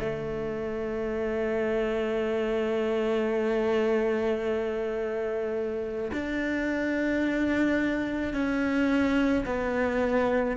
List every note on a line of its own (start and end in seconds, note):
0.00 6.11 A3
6.13 8.33 D4
8.33 9.44 C#4
9.45 10.57 B3